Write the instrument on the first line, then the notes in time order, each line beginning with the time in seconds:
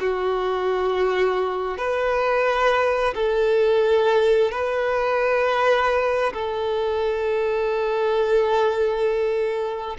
violin
0.00 F#4
1.77 B4
3.15 A4
4.51 B4
6.33 A4